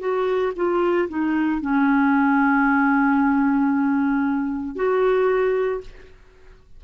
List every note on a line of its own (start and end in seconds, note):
0.00 0.53 F#4
0.56 1.09 F4
1.09 1.62 D#4
1.62 4.76 C#4
4.76 5.81 F#4